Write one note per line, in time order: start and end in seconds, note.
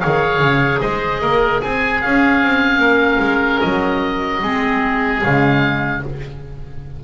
0.00 0.40 D#3
0.00 2.01 G#4
0.00 0.81 C#5
0.00 0.80 F5
0.40 0.80 C#3
0.81 1.22 G#3
0.81 1.21 C5
0.81 1.61 D#5
1.22 1.62 A#3
1.22 1.62 A#4
1.62 2.04 C4
1.62 2.81 G#4
1.62 2.01 G#5
2.01 2.43 C#4
2.01 4.42 C#4
2.01 3.61 F5
2.43 2.78 C4
2.78 3.18 A#3
2.78 4.41 A#4
3.20 3.60 G#3
3.61 4.42 F#3
3.61 5.21 D#5
4.42 5.22 G#3
4.42 5.21 C4
4.42 6.03 G#4
5.21 6.04 C#3
5.21 6.01 G#3
5.21 6.03 F5